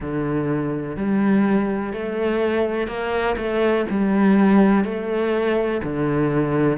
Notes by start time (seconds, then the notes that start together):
0.00 D3
0.96 G3
1.93 A3
2.87 A#3
3.37 A3
3.89 G3
4.84 A3
5.83 D3